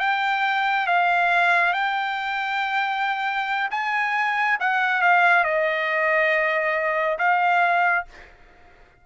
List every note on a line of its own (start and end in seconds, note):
0.00 0.87 G5
0.87 1.73 F5
1.73 3.69 G5
3.71 4.58 G#5
4.60 5.02 F#5
5.02 5.44 F5
5.44 7.18 D#5
7.18 8.05 F5